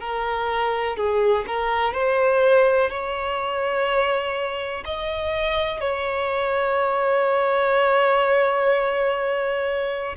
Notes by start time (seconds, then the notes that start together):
0.00 A#4
0.96 G#4
1.46 A#4
1.93 C5
2.90 C#5
4.85 D#5
5.80 C#5